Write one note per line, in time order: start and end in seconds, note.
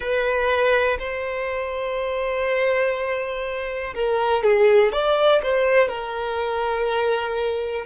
0.00 0.98 B4
0.98 3.93 C5
3.94 4.43 A#4
4.43 4.92 G#4
4.92 5.41 D5
5.42 5.88 C5
5.88 7.85 A#4